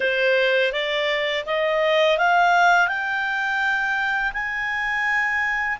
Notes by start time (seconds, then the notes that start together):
0.00 C5
0.72 D5
1.46 D#5
2.18 F5
2.88 G5
4.33 G#5